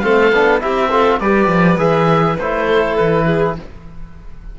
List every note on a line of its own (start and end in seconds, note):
0.00 0.32 A3
0.00 0.32 C4
0.00 0.62 A4
0.00 0.59 F5
0.32 0.62 B3
0.32 0.60 D4
0.60 1.20 C4
0.60 0.89 E4
0.60 0.91 G4
0.60 1.20 E5
0.91 1.21 F4
0.91 1.20 A4
1.20 1.48 G3
1.20 1.78 G4
1.20 2.66 B4
1.20 1.79 D5
1.48 1.77 F3
1.78 2.37 E3
1.78 2.37 G#4
1.78 2.37 E5
2.38 2.98 A3
2.38 3.59 E4
2.38 2.96 C5
2.66 3.25 A4
2.96 3.59 E3
2.96 3.55 B4
3.26 3.55 G#4